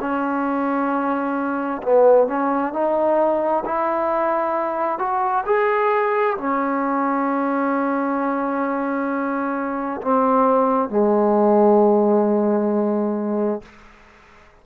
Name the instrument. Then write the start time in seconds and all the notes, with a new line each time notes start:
trombone
0.00 C#4
1.83 B3
2.28 C#4
2.73 D#4
3.65 E4
4.98 F#4
5.46 G#4
6.37 C#4
10.01 C4
10.89 G#3